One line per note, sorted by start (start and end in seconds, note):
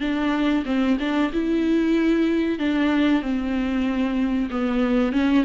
0.00 0.64 D4
0.65 0.97 C4
0.99 1.31 D4
1.32 2.59 E4
2.59 3.21 D4
3.21 4.49 C4
4.50 5.12 B3
5.12 5.44 C#4